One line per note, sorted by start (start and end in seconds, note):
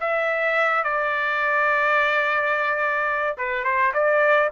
0.00 0.84 E5
0.84 3.36 D5
3.37 3.64 B4
3.64 3.92 C5
3.94 4.50 D5